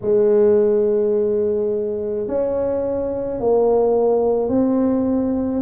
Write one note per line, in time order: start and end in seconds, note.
0.01 2.27 G#3
2.27 3.40 C#4
3.40 4.48 A#3
4.48 5.61 C4